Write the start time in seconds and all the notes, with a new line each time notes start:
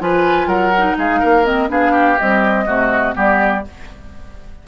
0.00 F3 F4 B4 G#5
0.47 F#3 A#4 F#5
0.78 D#4
0.98 G#3 G#4 F5
1.20 A#3 A#4
1.44 C4 D#5
1.69 B3 D4 G#4 F5
1.92 G4
2.19 G3 C4 D#5
2.66 C3 A3 F#4
3.14 G3 B3 G4 D5